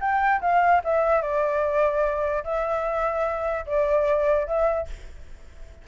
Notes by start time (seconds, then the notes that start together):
0.00 G5
0.41 F5
0.84 E5
1.22 D5
2.44 E5
3.66 D5
4.47 E5